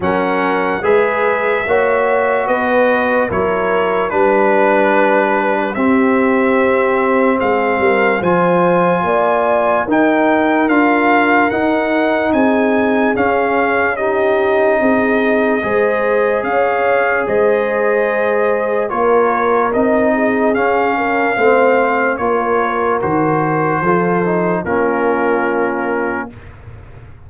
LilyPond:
<<
  \new Staff \with { instrumentName = "trumpet" } { \time 4/4 \tempo 4 = 73 fis''4 e''2 dis''4 | cis''4 b'2 e''4~ | e''4 f''4 gis''2 | g''4 f''4 fis''4 gis''4 |
f''4 dis''2. | f''4 dis''2 cis''4 | dis''4 f''2 cis''4 | c''2 ais'2 | }
  \new Staff \with { instrumentName = "horn" } { \time 4/4 ais'4 b'4 cis''4 b'4 | ais'4 b'2 g'4~ | g'4 gis'8 ais'8 c''4 d''4 | ais'2. gis'4~ |
gis'4 g'4 gis'4 c''4 | cis''4 c''2 ais'4~ | ais'8 gis'4 ais'8 c''4 ais'4~ | ais'4 a'4 f'2 | }
  \new Staff \with { instrumentName = "trombone" } { \time 4/4 cis'4 gis'4 fis'2 | e'4 d'2 c'4~ | c'2 f'2 | dis'4 f'4 dis'2 |
cis'4 dis'2 gis'4~ | gis'2. f'4 | dis'4 cis'4 c'4 f'4 | fis'4 f'8 dis'8 cis'2 | }
  \new Staff \with { instrumentName = "tuba" } { \time 4/4 fis4 gis4 ais4 b4 | fis4 g2 c'4~ | c'4 gis8 g8 f4 ais4 | dis'4 d'4 dis'4 c'4 |
cis'2 c'4 gis4 | cis'4 gis2 ais4 | c'4 cis'4 a4 ais4 | dis4 f4 ais2 | }
>>